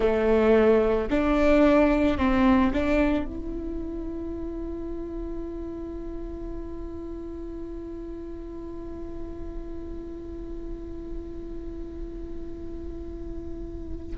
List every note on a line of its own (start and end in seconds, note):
0.00 1.09 A3
1.10 2.17 D4
2.17 2.72 C4
2.73 3.25 D4
3.25 14.16 E4